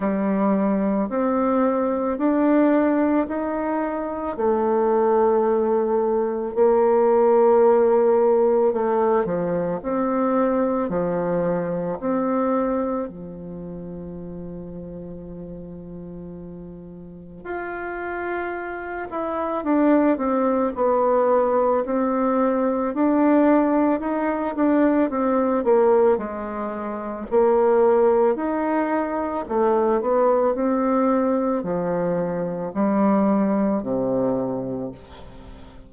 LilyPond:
\new Staff \with { instrumentName = "bassoon" } { \time 4/4 \tempo 4 = 55 g4 c'4 d'4 dis'4 | a2 ais2 | a8 f8 c'4 f4 c'4 | f1 |
f'4. e'8 d'8 c'8 b4 | c'4 d'4 dis'8 d'8 c'8 ais8 | gis4 ais4 dis'4 a8 b8 | c'4 f4 g4 c4 | }